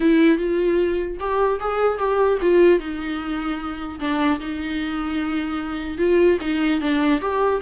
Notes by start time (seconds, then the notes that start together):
0.00 E4
0.38 F4
1.19 G4
1.60 G#4
1.98 G4
2.41 F4
2.79 D#4
3.99 D4
4.39 D#4
5.98 F4
6.41 D#4
6.80 D4
7.21 G4